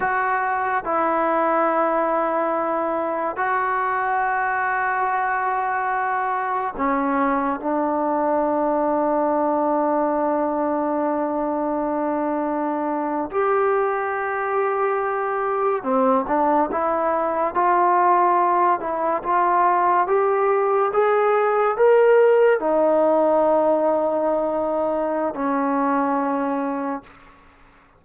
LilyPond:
\new Staff \with { instrumentName = "trombone" } { \time 4/4 \tempo 4 = 71 fis'4 e'2. | fis'1 | cis'4 d'2.~ | d'2.~ d'8. g'16~ |
g'2~ g'8. c'8 d'8 e'16~ | e'8. f'4. e'8 f'4 g'16~ | g'8. gis'4 ais'4 dis'4~ dis'16~ | dis'2 cis'2 | }